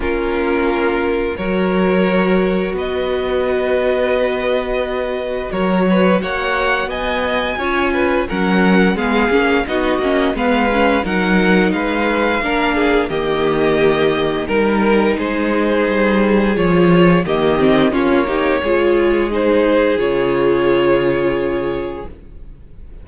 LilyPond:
<<
  \new Staff \with { instrumentName = "violin" } { \time 4/4 \tempo 4 = 87 ais'2 cis''2 | dis''1 | cis''4 fis''4 gis''2 | fis''4 f''4 dis''4 f''4 |
fis''4 f''2 dis''4~ | dis''4 ais'4 c''2 | cis''4 dis''4 cis''2 | c''4 cis''2. | }
  \new Staff \with { instrumentName = "violin" } { \time 4/4 f'2 ais'2 | b'1 | ais'8 b'8 cis''4 dis''4 cis''8 b'8 | ais'4 gis'4 fis'4 b'4 |
ais'4 b'4 ais'8 gis'8 g'4~ | g'4 ais'4 gis'2~ | gis'4 g'4 f'8 g'8 gis'4~ | gis'1 | }
  \new Staff \with { instrumentName = "viola" } { \time 4/4 cis'2 fis'2~ | fis'1~ | fis'2. f'4 | cis'4 b8 cis'8 dis'8 cis'8 b8 cis'8 |
dis'2 d'4 ais4~ | ais4 dis'2. | f'4 ais8 c'8 cis'8 dis'8 f'4 | dis'4 f'2. | }
  \new Staff \with { instrumentName = "cello" } { \time 4/4 ais2 fis2 | b1 | fis4 ais4 b4 cis'4 | fis4 gis8 ais8 b8 ais8 gis4 |
fis4 gis4 ais4 dis4~ | dis4 g4 gis4 g4 | f4 dis4 ais4 gis4~ | gis4 cis2. | }
>>